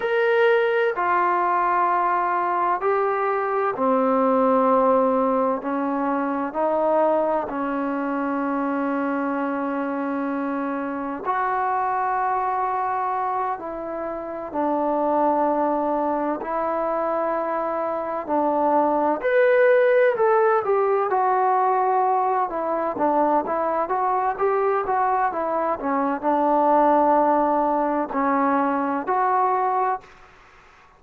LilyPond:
\new Staff \with { instrumentName = "trombone" } { \time 4/4 \tempo 4 = 64 ais'4 f'2 g'4 | c'2 cis'4 dis'4 | cis'1 | fis'2~ fis'8 e'4 d'8~ |
d'4. e'2 d'8~ | d'8 b'4 a'8 g'8 fis'4. | e'8 d'8 e'8 fis'8 g'8 fis'8 e'8 cis'8 | d'2 cis'4 fis'4 | }